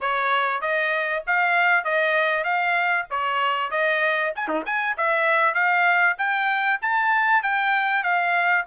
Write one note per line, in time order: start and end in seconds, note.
0.00 0.61 C#5
0.61 1.23 D#5
1.26 1.84 F5
1.84 2.44 D#5
2.44 3.06 F5
3.10 3.70 C#5
3.70 4.32 D#5
4.35 4.47 G#5
4.47 4.63 D#4
4.65 4.96 G#5
4.97 5.54 E5
5.54 6.16 F5
6.18 6.80 G5
6.81 7.43 A5
7.43 8.03 G5
8.03 8.65 F5